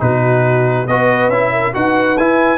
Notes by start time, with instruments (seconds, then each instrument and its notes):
0.00 tuba B2, trombone D#4, horn F#4, trumpet B4
0.88 tuba B3, trombone F#4, horn B4, trumpet D#5
1.29 tuba C#4, trombone E4, trumpet E5
1.53 horn A#4
1.74 tuba D#4, trombone F#4, horn B4, trumpet F#5
2.18 tuba E4, trombone E4, trumpet G#5